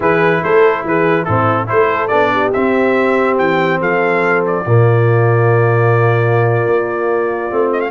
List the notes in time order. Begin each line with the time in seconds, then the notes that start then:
0.00 E3 E4 G#4 B4
0.43 A3 A4 C5
0.84 E3 G#4 B4
1.23 A2 C4 E4 A4
1.66 A3 E4 A4 C5
2.07 B3 D4 D5
2.32 G4
2.53 C4 E5
3.38 E3 G5
3.79 F3 A4 F5
4.46 D5
4.65 A#2 A#3 F4
6.66 A#3
7.50 A3 C4
7.72 D#5
7.80 F5